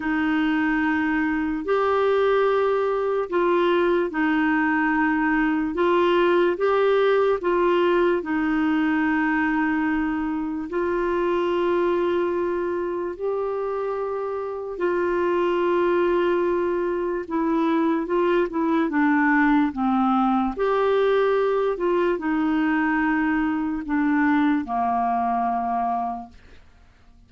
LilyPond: \new Staff \with { instrumentName = "clarinet" } { \time 4/4 \tempo 4 = 73 dis'2 g'2 | f'4 dis'2 f'4 | g'4 f'4 dis'2~ | dis'4 f'2. |
g'2 f'2~ | f'4 e'4 f'8 e'8 d'4 | c'4 g'4. f'8 dis'4~ | dis'4 d'4 ais2 | }